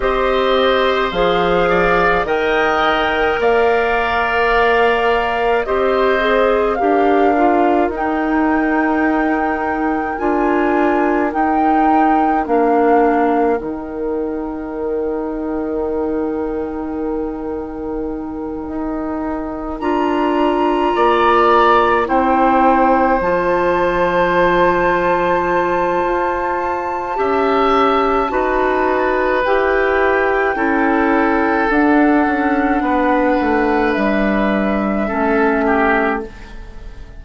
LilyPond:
<<
  \new Staff \with { instrumentName = "flute" } { \time 4/4 \tempo 4 = 53 dis''4 f''4 g''4 f''4~ | f''4 dis''4 f''4 g''4~ | g''4 gis''4 g''4 f''4 | g''1~ |
g''4. ais''2 g''8~ | g''8 a''2.~ a''8~ | a''2 g''2 | fis''2 e''2 | }
  \new Staff \with { instrumentName = "oboe" } { \time 4/4 c''4. d''8 dis''4 d''4~ | d''4 c''4 ais'2~ | ais'1~ | ais'1~ |
ais'2~ ais'8 d''4 c''8~ | c''1 | e''4 b'2 a'4~ | a'4 b'2 a'8 g'8 | }
  \new Staff \with { instrumentName = "clarinet" } { \time 4/4 g'4 gis'4 ais'2~ | ais'4 g'8 gis'8 g'8 f'8 dis'4~ | dis'4 f'4 dis'4 d'4 | dis'1~ |
dis'4. f'2 e'8~ | e'8 f'2.~ f'8 | g'4 fis'4 g'4 e'4 | d'2. cis'4 | }
  \new Staff \with { instrumentName = "bassoon" } { \time 4/4 c'4 f4 dis4 ais4~ | ais4 c'4 d'4 dis'4~ | dis'4 d'4 dis'4 ais4 | dis1~ |
dis8 dis'4 d'4 ais4 c'8~ | c'8 f2~ f8 f'4 | cis'4 dis'4 e'4 cis'4 | d'8 cis'8 b8 a8 g4 a4 | }
>>